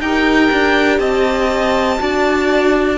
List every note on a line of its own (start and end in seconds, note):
0.00 0.50 D#4
0.00 1.99 G4
0.00 0.99 A#4
0.00 0.99 G5
0.51 0.99 D4
0.99 1.99 C4
0.99 1.99 D#5
0.99 2.98 A5
1.99 2.98 D4
1.99 2.98 F#4
1.99 2.98 D5